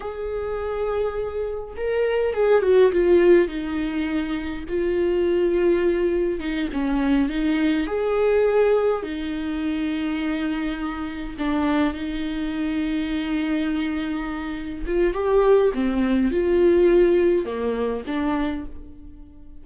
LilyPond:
\new Staff \with { instrumentName = "viola" } { \time 4/4 \tempo 4 = 103 gis'2. ais'4 | gis'8 fis'8 f'4 dis'2 | f'2. dis'8 cis'8~ | cis'8 dis'4 gis'2 dis'8~ |
dis'2.~ dis'8 d'8~ | d'8 dis'2.~ dis'8~ | dis'4. f'8 g'4 c'4 | f'2 ais4 d'4 | }